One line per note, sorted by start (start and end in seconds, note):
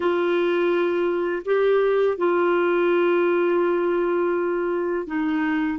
0.00 1.42 F4
1.45 2.17 G4
2.17 5.06 F4
5.06 5.78 D#4